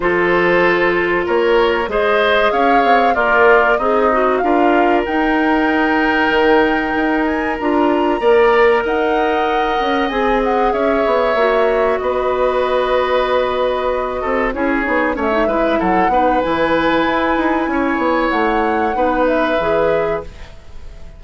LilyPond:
<<
  \new Staff \with { instrumentName = "flute" } { \time 4/4 \tempo 4 = 95 c''2 cis''4 dis''4 | f''4 d''4 dis''4 f''4 | g''2.~ g''8 gis''8 | ais''2 fis''2 |
gis''8 fis''8 e''2 dis''4~ | dis''2. cis''4 | e''4 fis''4 gis''2~ | gis''4 fis''4. e''4. | }
  \new Staff \with { instrumentName = "oboe" } { \time 4/4 a'2 ais'4 c''4 | cis''4 f'4 dis'4 ais'4~ | ais'1~ | ais'4 d''4 dis''2~ |
dis''4 cis''2 b'4~ | b'2~ b'8 a'8 gis'4 | cis''8 b'8 a'8 b'2~ b'8 | cis''2 b'2 | }
  \new Staff \with { instrumentName = "clarinet" } { \time 4/4 f'2. gis'4~ | gis'4 ais'4 gis'8 fis'8 f'4 | dis'1 | f'4 ais'2. |
gis'2 fis'2~ | fis'2. e'8 dis'8 | cis'16 dis'16 e'4 dis'8 e'2~ | e'2 dis'4 gis'4 | }
  \new Staff \with { instrumentName = "bassoon" } { \time 4/4 f2 ais4 gis4 | cis'8 c'8 ais4 c'4 d'4 | dis'2 dis4 dis'4 | d'4 ais4 dis'4. cis'8 |
c'4 cis'8 b8 ais4 b4~ | b2~ b8 c'8 cis'8 b8 | a8 gis8 fis8 b8 e4 e'8 dis'8 | cis'8 b8 a4 b4 e4 | }
>>